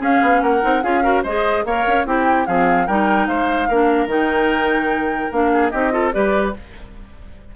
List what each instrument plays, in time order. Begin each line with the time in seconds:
0.00 bassoon C#4, clarinet C#4, oboe G#4, flute F5
0.22 bassoon B3
0.42 bassoon A#3, oboe A#4, flute F#5
0.61 bassoon C4, clarinet D#4
0.83 bassoon C#4, clarinet F4, oboe G#4, flute F5
1.03 clarinet F#4, oboe A#4
1.23 bassoon G#3, clarinet G#4, oboe C5, flute D#5
1.65 bassoon A#3, clarinet A#4, oboe C#5, flute F5
1.87 bassoon C#4
2.06 bassoon C4, clarinet E4, oboe G4, flute G5
2.46 bassoon F3, clarinet C4, oboe G#4, flute F5
2.87 bassoon G3, clarinet D#4, oboe A#4, flute G5
3.27 bassoon G#3, oboe C5, flute F5
3.68 bassoon A#3, clarinet D4, oboe A#4
4.06 bassoon D#3, clarinet D#4, flute G5
5.32 bassoon A#3, clarinet D4, flute F5
5.53 oboe G#4
5.70 bassoon C4, clarinet D#4, oboe G4, flute D#5
5.91 clarinet F4, oboe A4
6.13 bassoon G3, clarinet G4, oboe B4, flute D5